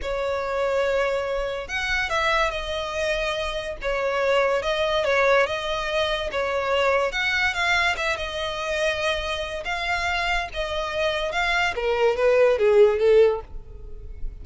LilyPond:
\new Staff \with { instrumentName = "violin" } { \time 4/4 \tempo 4 = 143 cis''1 | fis''4 e''4 dis''2~ | dis''4 cis''2 dis''4 | cis''4 dis''2 cis''4~ |
cis''4 fis''4 f''4 e''8 dis''8~ | dis''2. f''4~ | f''4 dis''2 f''4 | ais'4 b'4 gis'4 a'4 | }